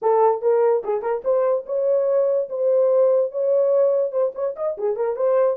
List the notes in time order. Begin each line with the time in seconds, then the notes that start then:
0.02 A4
0.41 A#4
0.84 G#4
1.01 A#4
1.24 C5
1.66 C#5
2.49 C5
3.31 C#5
4.11 C5
4.34 C#5
4.56 D#5
4.77 G#4
4.96 A#4
5.15 C5